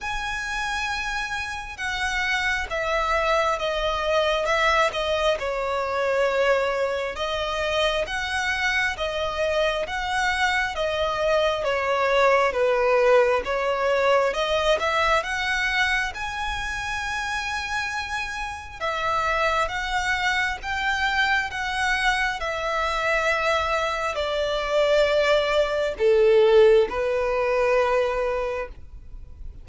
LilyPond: \new Staff \with { instrumentName = "violin" } { \time 4/4 \tempo 4 = 67 gis''2 fis''4 e''4 | dis''4 e''8 dis''8 cis''2 | dis''4 fis''4 dis''4 fis''4 | dis''4 cis''4 b'4 cis''4 |
dis''8 e''8 fis''4 gis''2~ | gis''4 e''4 fis''4 g''4 | fis''4 e''2 d''4~ | d''4 a'4 b'2 | }